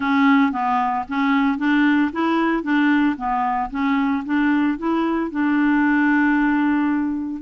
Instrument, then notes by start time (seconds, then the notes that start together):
clarinet
0.00 C#4
0.52 B3
1.08 C#4
1.58 D4
2.12 E4
2.63 D4
3.17 B3
3.70 C#4
4.25 D4
4.78 E4
5.30 D4